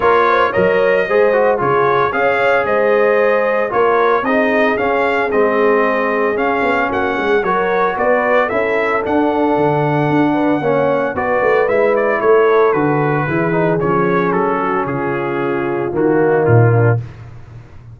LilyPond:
<<
  \new Staff \with { instrumentName = "trumpet" } { \time 4/4 \tempo 4 = 113 cis''4 dis''2 cis''4 | f''4 dis''2 cis''4 | dis''4 f''4 dis''2 | f''4 fis''4 cis''4 d''4 |
e''4 fis''2.~ | fis''4 d''4 e''8 d''8 cis''4 | b'2 cis''4 a'4 | gis'2 fis'4 f'4 | }
  \new Staff \with { instrumentName = "horn" } { \time 4/4 ais'8 c''8 cis''4 c''4 gis'4 | cis''4 c''2 ais'4 | gis'1~ | gis'4 fis'8 gis'8 ais'4 b'4 |
a'2.~ a'8 b'8 | cis''4 b'2 a'4~ | a'4 gis'2~ gis'8 fis'8 | f'2~ f'8 dis'4 d'8 | }
  \new Staff \with { instrumentName = "trombone" } { \time 4/4 f'4 ais'4 gis'8 fis'8 f'4 | gis'2. f'4 | dis'4 cis'4 c'2 | cis'2 fis'2 |
e'4 d'2. | cis'4 fis'4 e'2 | fis'4 e'8 dis'8 cis'2~ | cis'2 ais2 | }
  \new Staff \with { instrumentName = "tuba" } { \time 4/4 ais4 fis4 gis4 cis4 | cis'4 gis2 ais4 | c'4 cis'4 gis2 | cis'8 b8 ais8 gis8 fis4 b4 |
cis'4 d'4 d4 d'4 | ais4 b8 a8 gis4 a4 | d4 e4 f4 fis4 | cis2 dis4 ais,4 | }
>>